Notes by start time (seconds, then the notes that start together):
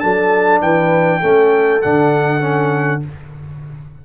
0.00 F#3 D4 A4 A5
0.61 E3 B4 G5
1.20 A3 C#4 A4
1.81 D3 D4 F#5
2.40 C#4